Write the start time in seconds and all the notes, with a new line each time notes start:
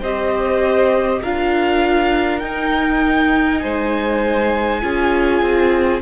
0.00 C4 G4 C5 D#5
1.22 D4 F4 A#4 F5
2.39 D#4 G5
3.59 G#3 C5 G#5
4.81 C#4 F4 G#4
5.42 C4